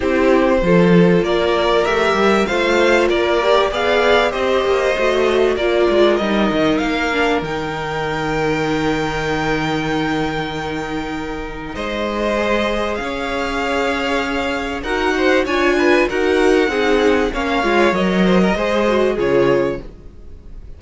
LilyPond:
<<
  \new Staff \with { instrumentName = "violin" } { \time 4/4 \tempo 4 = 97 c''2 d''4 e''4 | f''4 d''4 f''4 dis''4~ | dis''4 d''4 dis''4 f''4 | g''1~ |
g''2. dis''4~ | dis''4 f''2. | fis''4 gis''4 fis''2 | f''4 dis''2 cis''4 | }
  \new Staff \with { instrumentName = "violin" } { \time 4/4 g'4 a'4 ais'2 | c''4 ais'4 d''4 c''4~ | c''4 ais'2.~ | ais'1~ |
ais'2. c''4~ | c''4 cis''2. | ais'8 c''8 cis''8 b'8 ais'4 gis'4 | cis''4. c''16 ais'16 c''4 gis'4 | }
  \new Staff \with { instrumentName = "viola" } { \time 4/4 e'4 f'2 g'4 | f'4. g'8 gis'4 g'4 | fis'4 f'4 dis'4. d'8 | dis'1~ |
dis'1 | gis'1 | fis'4 f'4 fis'4 dis'4 | cis'8 f'8 ais'4 gis'8 fis'8 f'4 | }
  \new Staff \with { instrumentName = "cello" } { \time 4/4 c'4 f4 ais4 a8 g8 | a4 ais4 b4 c'8 ais8 | a4 ais8 gis8 g8 dis8 ais4 | dis1~ |
dis2. gis4~ | gis4 cis'2. | dis'4 d'4 dis'4 c'4 | ais8 gis8 fis4 gis4 cis4 | }
>>